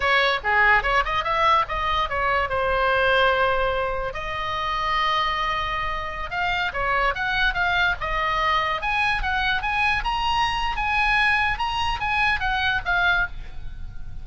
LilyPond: \new Staff \with { instrumentName = "oboe" } { \time 4/4 \tempo 4 = 145 cis''4 gis'4 cis''8 dis''8 e''4 | dis''4 cis''4 c''2~ | c''2 dis''2~ | dis''2.~ dis''16 f''8.~ |
f''16 cis''4 fis''4 f''4 dis''8.~ | dis''4~ dis''16 gis''4 fis''4 gis''8.~ | gis''16 ais''4.~ ais''16 gis''2 | ais''4 gis''4 fis''4 f''4 | }